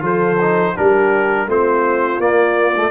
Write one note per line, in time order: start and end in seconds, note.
0.00 0.73 F3
0.00 0.36 F4
0.00 0.75 A4
0.00 0.77 C5
0.40 0.75 D#4
0.75 1.46 G3
0.75 1.47 D4
0.75 1.47 G4
0.75 1.49 A#4
1.46 2.18 A3
1.46 2.20 C4
1.46 2.90 F4
1.46 2.20 C5
2.18 2.90 A#3
2.18 2.74 A#3
2.18 2.90 D5
2.76 2.90 A3